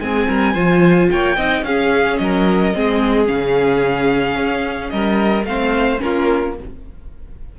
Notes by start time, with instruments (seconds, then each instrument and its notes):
0.00 cello G#3, viola C4, violin G#4 G#5
0.28 cello G3, violin A#4
0.54 cello F3, viola F4, violin C5
1.10 cello A#3, violin C#5 G5
1.36 cello C4, viola D#4, violin D#5
1.62 cello C#4, viola C#4, violin G#4 F5
2.17 cello F#3, violin A#4 D#5
2.74 cello G#3, viola C4, violin G#4
3.26 cello C#3, viola C#4, violin F5
4.37 cello C#4
4.90 cello G3, violin A#4 D#5
5.44 cello A3, viola C4, violin C5 F5
5.99 cello A#3, viola C#4, violin F4 A#4